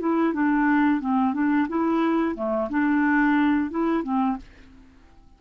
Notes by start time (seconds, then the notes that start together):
0.00 E4
0.34 D4
1.01 C4
1.34 D4
1.69 E4
2.36 A3
2.70 D4
3.71 E4
4.04 C4